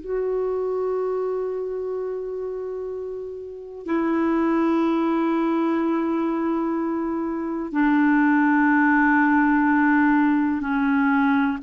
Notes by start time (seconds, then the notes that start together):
0.00 F#4
3.86 E4
7.72 D4
10.61 C#4